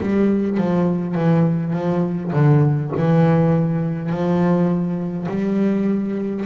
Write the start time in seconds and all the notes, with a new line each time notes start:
0.00 G3
0.57 F3
1.15 E3
1.73 F3
2.33 D3
2.97 E3
4.09 F3
5.29 G3